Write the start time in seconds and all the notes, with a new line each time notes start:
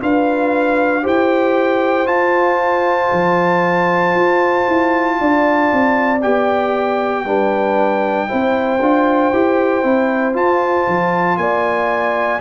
0.00 D4 F4 B4 F5
1.02 E4 G4 C5 G5
2.05 F4 A5
3.12 F3
4.15 F4
4.67 E4
5.20 D4 D5
5.72 C4
6.22 B3 G4 G5
7.24 G3 D4 B4
8.28 C4 E4 C5
8.80 D4 F4
9.32 E4 G4
9.83 C4 E4
10.32 F4 A5
10.87 F3
11.36 A#3 D5 G#5